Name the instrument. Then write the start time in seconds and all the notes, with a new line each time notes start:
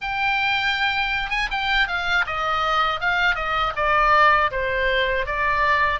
oboe
0.01 G5
1.30 G#5
1.50 G5
1.88 F5
2.26 D#5
3.00 F5
3.35 D#5
3.75 D5
4.51 C5
5.26 D5